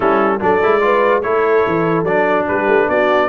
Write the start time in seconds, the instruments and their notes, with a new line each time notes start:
0.00 tuba G3, trombone C#4, horn E4, trumpet A4
0.40 tuba F#3, trombone D4, horn A4, trumpet D5
0.62 tuba G#3, trombone E4
0.81 trombone F4, horn B4
1.21 tuba A3, trombone E4, horn A4, trumpet C#5
1.67 tuba E3
2.03 tuba F#3, trombone D4, trumpet D5
2.48 tuba G3, horn G4, trumpet B4
2.67 tuba A3
2.88 tuba B3, horn F#4, trumpet D5